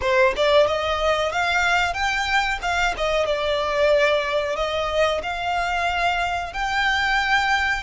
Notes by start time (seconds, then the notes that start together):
0.01 C5
0.36 D5
0.67 D#5
1.32 F5
1.93 G5
2.61 F5
2.97 D#5
3.25 D5
4.56 D#5
5.22 F5
6.53 G5